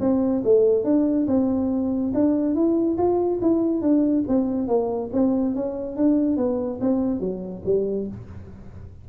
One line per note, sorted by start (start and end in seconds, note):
0.00 0.43 C4
0.44 0.84 A3
0.84 1.27 D4
1.27 2.13 C4
2.14 2.55 D4
2.55 2.97 E4
2.98 3.40 F4
3.42 3.82 E4
3.82 4.24 D4
4.28 4.68 C4
4.68 5.10 A#3
5.13 5.55 C4
5.56 5.97 C#4
5.97 6.37 D4
6.37 6.80 B3
6.81 7.20 C4
7.20 7.63 F#3
7.65 8.08 G3